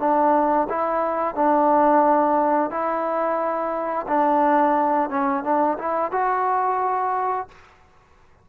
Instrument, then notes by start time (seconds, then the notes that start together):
trombone
0.00 D4
0.70 E4
1.35 D4
2.71 E4
4.08 D4
5.10 C#4
5.44 D4
5.79 E4
6.12 F#4